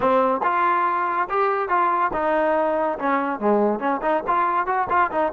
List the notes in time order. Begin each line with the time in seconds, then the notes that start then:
0.00 C4
0.43 F4
1.29 G4
1.68 F4
2.13 D#4
2.98 C#4
3.39 G#3
3.79 C#4
4.02 D#4
4.27 F4
4.66 F#4
4.89 F4
5.11 D#4